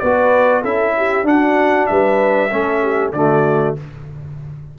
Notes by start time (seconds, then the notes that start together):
0.00 B3 F#4 B4 D5
0.62 C#4 E4 A4 E5
0.97 G4
1.23 D4 F#4 F#5
1.87 G3 B4 E5
2.51 A3 C#4 A4
2.82 G4
3.13 D3 A3 F#4 D5